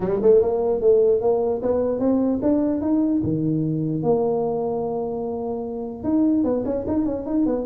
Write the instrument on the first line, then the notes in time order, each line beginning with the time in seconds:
tuba
0.00 G3
0.21 A3
0.41 A#3
0.81 A3
1.21 A#3
1.61 B3
1.99 C4
2.42 D4
2.81 D#4
3.23 D#3
4.02 A#3
6.03 D#4
6.44 B3
6.65 C#4
6.87 D#4
7.05 C#4
7.26 D#4
7.46 B3